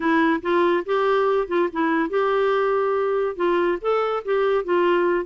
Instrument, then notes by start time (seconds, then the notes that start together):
clarinet
0.00 E4
0.41 F4
0.85 G4
1.47 F4
1.72 E4
2.09 G4
3.36 F4
3.81 A4
4.25 G4
4.64 F4